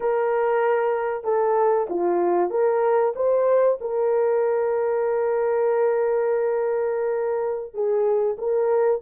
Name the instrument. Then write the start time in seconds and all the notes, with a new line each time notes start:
horn
0.00 A#4
1.24 A4
1.89 F4
2.50 A#4
3.15 C5
3.80 A#4
7.73 G#4
8.38 A#4